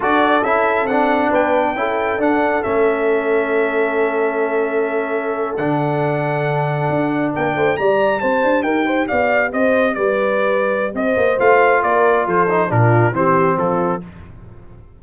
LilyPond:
<<
  \new Staff \with { instrumentName = "trumpet" } { \time 4/4 \tempo 4 = 137 d''4 e''4 fis''4 g''4~ | g''4 fis''4 e''2~ | e''1~ | e''8. fis''2.~ fis''16~ |
fis''8. g''4 ais''4 a''4 g''16~ | g''8. f''4 dis''4 d''4~ d''16~ | d''4 dis''4 f''4 d''4 | c''4 ais'4 c''4 a'4 | }
  \new Staff \with { instrumentName = "horn" } { \time 4/4 a'2. b'4 | a'1~ | a'1~ | a'1~ |
a'8. ais'8 c''8 d''4 c''4 ais'16~ | ais'16 c''8 d''4 c''4 b'4~ b'16~ | b'4 c''2 ais'4 | a'4 f'4 g'4 f'4 | }
  \new Staff \with { instrumentName = "trombone" } { \time 4/4 fis'4 e'4 d'2 | e'4 d'4 cis'2~ | cis'1~ | cis'8. d'2.~ d'16~ |
d'4.~ d'16 g'2~ g'16~ | g'1~ | g'2 f'2~ | f'8 dis'8 d'4 c'2 | }
  \new Staff \with { instrumentName = "tuba" } { \time 4/4 d'4 cis'4 c'4 b4 | cis'4 d'4 a2~ | a1~ | a8. d2. d'16~ |
d'8. ais8 a8 g4 c'8 d'8 dis'16~ | dis'8. b4 c'4 g4~ g16~ | g4 c'8 ais8 a4 ais4 | f4 ais,4 e4 f4 | }
>>